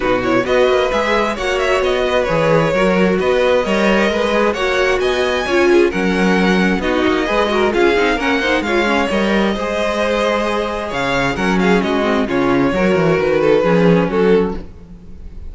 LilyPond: <<
  \new Staff \with { instrumentName = "violin" } { \time 4/4 \tempo 4 = 132 b'8 cis''8 dis''4 e''4 fis''8 e''8 | dis''4 cis''2 dis''4~ | dis''2 fis''4 gis''4~ | gis''4 fis''2 dis''4~ |
dis''4 f''4 fis''4 f''4 | dis''1 | f''4 fis''8 f''8 dis''4 cis''4~ | cis''4 b'2 a'4 | }
  \new Staff \with { instrumentName = "violin" } { \time 4/4 fis'4 b'2 cis''4~ | cis''8 b'4. ais'4 b'4 | cis''4 b'4 cis''4 dis''4 | cis''8 gis'8 ais'2 fis'4 |
b'8 ais'8 gis'4 ais'8 c''8 cis''4~ | cis''4 c''2. | cis''4 ais'8 gis'8 fis'4 f'4 | ais'4. a'8 gis'4 fis'4 | }
  \new Staff \with { instrumentName = "viola" } { \time 4/4 dis'8 e'8 fis'4 gis'4 fis'4~ | fis'4 gis'4 fis'2 | ais'4. gis'8 fis'2 | f'4 cis'2 dis'4 |
gis'8 fis'8 f'8 dis'8 cis'8 dis'8 f'8 cis'8 | ais'4 gis'2.~ | gis'4 cis'4. c'8 cis'4 | fis'2 cis'2 | }
  \new Staff \with { instrumentName = "cello" } { \time 4/4 b,4 b8 ais8 gis4 ais4 | b4 e4 fis4 b4 | g4 gis4 ais4 b4 | cis'4 fis2 b8 ais8 |
gis4 cis'8 c'8 ais4 gis4 | g4 gis2. | cis4 fis4 gis4 cis4 | fis8 e8 dis4 f4 fis4 | }
>>